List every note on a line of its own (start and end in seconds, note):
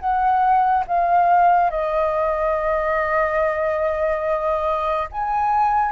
0.00 0.85 F#5
0.88 1.71 F5
1.71 5.09 D#5
5.12 5.92 G#5